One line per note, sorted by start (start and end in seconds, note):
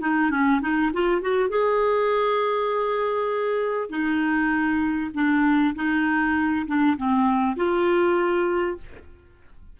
0.00 0.30 D#4
0.30 0.60 C#4
0.61 0.91 D#4
0.93 1.21 F4
1.21 1.49 F#4
1.49 3.90 G#4
3.90 5.11 D#4
5.14 5.74 D4
5.75 6.66 D#4
6.66 6.97 D4
6.97 7.56 C4
7.56 8.77 F4